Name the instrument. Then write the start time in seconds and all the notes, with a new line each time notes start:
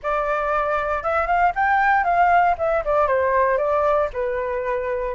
flute
0.02 D5
1.03 E5
1.26 F5
1.55 G5
2.04 F5
2.58 E5
2.85 D5
3.07 C5
3.57 D5
4.13 B4